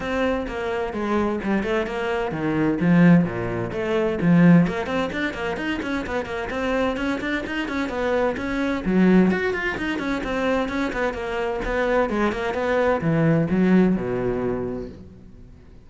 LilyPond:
\new Staff \with { instrumentName = "cello" } { \time 4/4 \tempo 4 = 129 c'4 ais4 gis4 g8 a8 | ais4 dis4 f4 ais,4 | a4 f4 ais8 c'8 d'8 ais8 | dis'8 cis'8 b8 ais8 c'4 cis'8 d'8 |
dis'8 cis'8 b4 cis'4 fis4 | fis'8 f'8 dis'8 cis'8 c'4 cis'8 b8 | ais4 b4 gis8 ais8 b4 | e4 fis4 b,2 | }